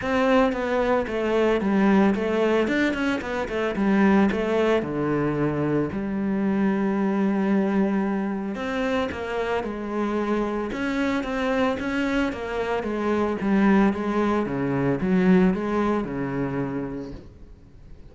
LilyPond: \new Staff \with { instrumentName = "cello" } { \time 4/4 \tempo 4 = 112 c'4 b4 a4 g4 | a4 d'8 cis'8 b8 a8 g4 | a4 d2 g4~ | g1 |
c'4 ais4 gis2 | cis'4 c'4 cis'4 ais4 | gis4 g4 gis4 cis4 | fis4 gis4 cis2 | }